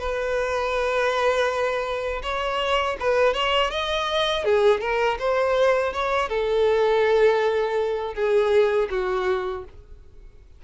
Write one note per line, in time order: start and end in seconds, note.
0.00 2.22 B4
2.23 2.97 C#5
3.00 3.34 B4
3.34 3.71 C#5
3.71 4.45 D#5
4.45 4.81 G#4
4.81 5.18 A#4
5.20 5.94 C5
5.94 6.29 C#5
6.29 8.14 A4
8.15 8.89 G#4
8.91 9.65 F#4